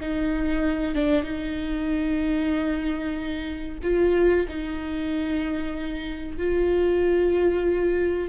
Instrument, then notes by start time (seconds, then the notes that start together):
viola
0.00 D#4
0.94 D4
1.23 D#4
3.82 F4
4.48 D#4
6.37 F4